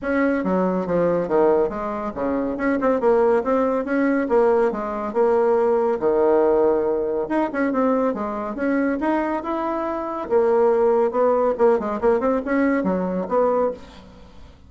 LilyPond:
\new Staff \with { instrumentName = "bassoon" } { \time 4/4 \tempo 4 = 140 cis'4 fis4 f4 dis4 | gis4 cis4 cis'8 c'8 ais4 | c'4 cis'4 ais4 gis4 | ais2 dis2~ |
dis4 dis'8 cis'8 c'4 gis4 | cis'4 dis'4 e'2 | ais2 b4 ais8 gis8 | ais8 c'8 cis'4 fis4 b4 | }